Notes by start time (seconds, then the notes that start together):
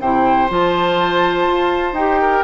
0.00 C3 E4 C5 G5
0.48 F3 F4 A5
1.47 F4
1.92 D#4 G4 G5
2.21 A#4